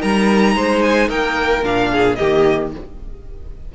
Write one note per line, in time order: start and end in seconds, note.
0.00 0.55 G3
0.00 1.62 D#4
0.00 0.55 A#4
0.00 0.82 A#5
0.55 1.09 G#3
0.55 1.08 C5
0.82 1.09 G#5
1.08 1.63 A#3
1.08 1.89 A#4
1.08 1.64 G5
1.62 2.17 A#2
1.62 2.16 D4
1.62 2.15 F5
1.92 2.18 G#4
2.15 2.75 D#3
2.15 2.74 A#3
2.15 2.72 G4
2.15 2.69 D#5